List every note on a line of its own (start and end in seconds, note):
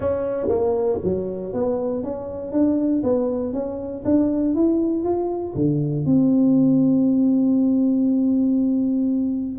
0.00 0.48 C#4
0.48 0.99 A#3
1.03 1.53 F#3
1.53 2.03 B3
2.03 2.52 C#4
2.52 3.02 D4
3.03 3.53 B3
3.53 4.03 C#4
4.05 4.54 D4
4.54 5.03 E4
5.03 5.54 F4
5.55 6.05 D3
6.05 9.58 C4